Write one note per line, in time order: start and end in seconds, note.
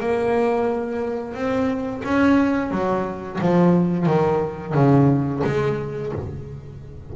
0.00 1.34 A#3
1.34 2.02 C4
2.04 2.71 C#4
2.71 3.39 F#3
3.41 4.06 F3
4.06 4.74 D#3
4.74 5.42 C#3
5.44 6.12 G#3